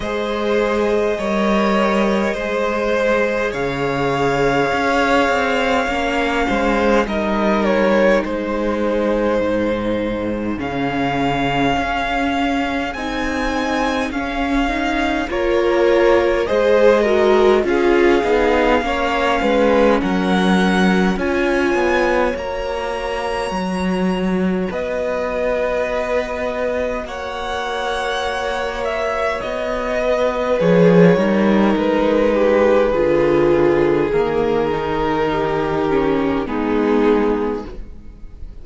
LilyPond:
<<
  \new Staff \with { instrumentName = "violin" } { \time 4/4 \tempo 4 = 51 dis''2. f''4~ | f''2 dis''8 cis''8 c''4~ | c''4 f''2 gis''4 | f''4 cis''4 dis''4 f''4~ |
f''4 fis''4 gis''4 ais''4~ | ais''4 dis''2 fis''4~ | fis''8 e''8 dis''4 cis''4 b'4~ | b'4 ais'2 gis'4 | }
  \new Staff \with { instrumentName = "violin" } { \time 4/4 c''4 cis''4 c''4 cis''4~ | cis''4. c''8 ais'4 gis'4~ | gis'1~ | gis'4 ais'4 c''8 ais'8 gis'4 |
cis''8 b'8 ais'4 cis''2~ | cis''4 b'2 cis''4~ | cis''4. b'4 ais'4 g'8 | gis'2 g'4 dis'4 | }
  \new Staff \with { instrumentName = "viola" } { \time 4/4 gis'4 ais'4 gis'2~ | gis'4 cis'4 dis'2~ | dis'4 cis'2 dis'4 | cis'8 dis'8 f'4 gis'8 fis'8 f'8 dis'8 |
cis'2 f'4 fis'4~ | fis'1~ | fis'2 gis'8 dis'4. | f'4 ais8 dis'4 cis'8 b4 | }
  \new Staff \with { instrumentName = "cello" } { \time 4/4 gis4 g4 gis4 cis4 | cis'8 c'8 ais8 gis8 g4 gis4 | gis,4 cis4 cis'4 c'4 | cis'4 ais4 gis4 cis'8 b8 |
ais8 gis8 fis4 cis'8 b8 ais4 | fis4 b2 ais4~ | ais4 b4 f8 g8 gis4 | d4 dis2 gis4 | }
>>